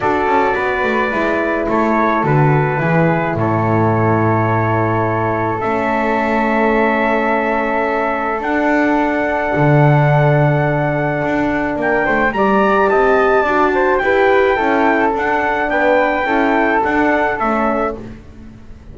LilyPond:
<<
  \new Staff \with { instrumentName = "trumpet" } { \time 4/4 \tempo 4 = 107 d''2. cis''4 | b'2 cis''2~ | cis''2 e''2~ | e''2. fis''4~ |
fis''1~ | fis''4 g''4 ais''4 a''4~ | a''4 g''2 fis''4 | g''2 fis''4 e''4 | }
  \new Staff \with { instrumentName = "flute" } { \time 4/4 a'4 b'2 a'4~ | a'4 gis'4 a'2~ | a'1~ | a'1~ |
a'1~ | a'4 ais'8 c''8 d''4 dis''4 | d''8 c''8 b'4 a'2 | b'4 a'2. | }
  \new Staff \with { instrumentName = "horn" } { \time 4/4 fis'2 e'2 | fis'4 e'2.~ | e'2 cis'2~ | cis'2. d'4~ |
d'1~ | d'2 g'2 | fis'4 g'4 e'4 d'4~ | d'4 e'4 d'4 cis'4 | }
  \new Staff \with { instrumentName = "double bass" } { \time 4/4 d'8 cis'8 b8 a8 gis4 a4 | d4 e4 a,2~ | a,2 a2~ | a2. d'4~ |
d'4 d2. | d'4 ais8 a8 g4 c'4 | d'4 e'4 cis'4 d'4 | b4 cis'4 d'4 a4 | }
>>